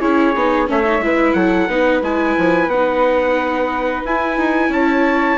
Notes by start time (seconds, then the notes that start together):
0.00 C#4 E4 G#4 C#5
0.35 B3 D#4
0.67 A3 C#4 C#5 E5
0.85 D#4
0.99 G#3 E4 B4
1.33 F#3 A4 F#5
1.68 B3 D#4 B4
2.02 G#3 E4 G#5
2.38 F3
2.68 B3 D#4 F#5
4.05 E4 G#5
4.37 D#4
4.69 C#4 C#5 A5